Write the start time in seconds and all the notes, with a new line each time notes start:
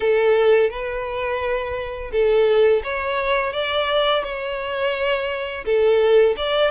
0.00 A4
0.70 B4
2.11 A4
2.83 C#5
3.53 D5
4.23 C#5
5.65 A4
6.36 D5